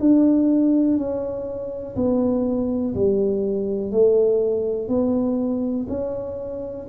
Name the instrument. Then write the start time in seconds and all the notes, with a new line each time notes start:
tuba
0.00 D4
0.97 C#4
1.96 B3
2.95 G3
3.92 A3
4.88 B3
5.89 C#4